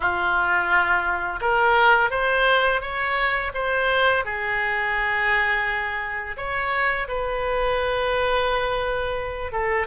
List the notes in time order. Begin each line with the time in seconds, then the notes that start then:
0.00 F4
1.40 A#4
2.10 C5
2.81 C#5
3.54 C5
4.24 G#4
6.37 C#5
7.07 B4
9.52 A4